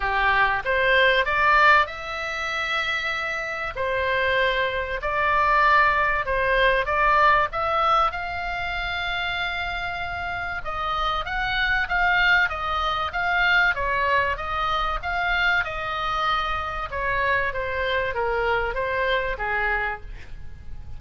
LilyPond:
\new Staff \with { instrumentName = "oboe" } { \time 4/4 \tempo 4 = 96 g'4 c''4 d''4 e''4~ | e''2 c''2 | d''2 c''4 d''4 | e''4 f''2.~ |
f''4 dis''4 fis''4 f''4 | dis''4 f''4 cis''4 dis''4 | f''4 dis''2 cis''4 | c''4 ais'4 c''4 gis'4 | }